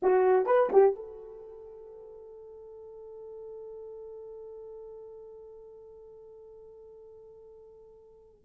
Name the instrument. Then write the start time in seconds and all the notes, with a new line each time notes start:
horn
0.02 F#4
0.46 B4
0.72 G4
0.95 A4